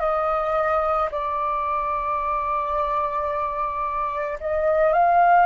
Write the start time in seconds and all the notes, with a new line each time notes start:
0.00 D#5
1.11 D5
4.40 D#5
4.93 F5